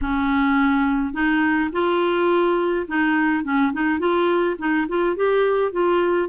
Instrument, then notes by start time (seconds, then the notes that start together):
clarinet
0.01 C#4
1.13 D#4
1.72 F4
2.87 D#4
3.44 C#4
3.72 D#4
3.99 F4
4.58 D#4
4.88 F4
5.16 G4
5.71 F4